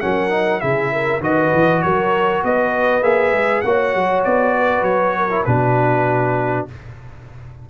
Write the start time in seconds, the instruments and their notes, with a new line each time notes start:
0.00 tuba F#3, trombone C#4, horn A#4, trumpet F#5
0.30 trombone D#4
0.60 tuba C#3, trombone E4, horn G#4, trumpet E5
0.92 horn A#4
1.20 tuba D#3, trombone F#4, horn B4, trumpet D#5
1.53 tuba E3
1.82 tuba F#3, horn A#4, trumpet C#5
2.43 tuba B3, horn B4, trumpet D#5
3.02 tuba A#3, trombone G#4, trumpet E5
3.31 tuba G#3
3.61 tuba A#3, trombone F#4, horn C#5, trumpet F#5
3.94 tuba F#3
4.24 tuba B3, trumpet D5
4.57 horn B4
4.82 tuba F#3, trumpet C#5
5.17 horn A#4
5.30 trombone E4
5.45 tuba B2, trombone D4, horn F#4, trumpet B4